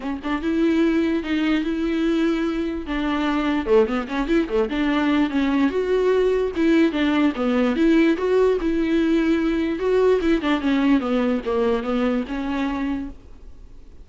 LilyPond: \new Staff \with { instrumentName = "viola" } { \time 4/4 \tempo 4 = 147 cis'8 d'8 e'2 dis'4 | e'2. d'4~ | d'4 a8 b8 cis'8 e'8 a8 d'8~ | d'4 cis'4 fis'2 |
e'4 d'4 b4 e'4 | fis'4 e'2. | fis'4 e'8 d'8 cis'4 b4 | ais4 b4 cis'2 | }